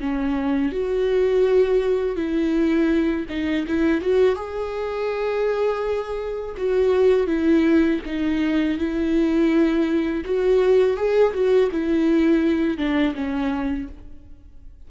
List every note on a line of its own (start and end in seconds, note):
0.00 0.72 C#4
0.72 2.16 F#4
2.16 3.26 E4
3.29 3.66 D#4
3.67 4.01 E4
4.01 4.36 F#4
4.36 6.55 G#4
6.57 7.27 F#4
7.27 8.00 E4
8.06 8.78 D#4
8.78 10.24 E4
10.25 10.97 F#4
10.97 11.33 G#4
11.34 11.70 F#4
11.71 12.77 E4
12.77 13.14 D4
13.15 13.88 C#4